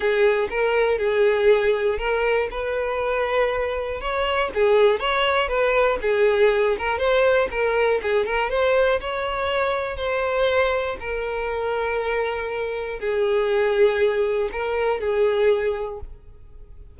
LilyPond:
\new Staff \with { instrumentName = "violin" } { \time 4/4 \tempo 4 = 120 gis'4 ais'4 gis'2 | ais'4 b'2. | cis''4 gis'4 cis''4 b'4 | gis'4. ais'8 c''4 ais'4 |
gis'8 ais'8 c''4 cis''2 | c''2 ais'2~ | ais'2 gis'2~ | gis'4 ais'4 gis'2 | }